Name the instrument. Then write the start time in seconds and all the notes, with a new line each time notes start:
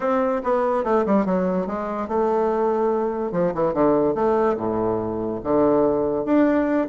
bassoon
0.00 C4
0.43 B3
0.84 A3
1.06 G3
1.25 F#3
1.66 G#3
2.08 A3
3.32 F3
3.54 E3
3.73 D3
4.14 A3
4.57 A2
5.43 D3
6.25 D4